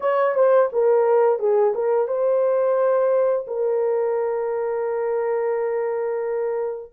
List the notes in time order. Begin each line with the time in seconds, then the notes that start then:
0.00 C#5
0.34 C5
0.72 A#4
1.39 G#4
1.74 A#4
2.07 C5
3.47 A#4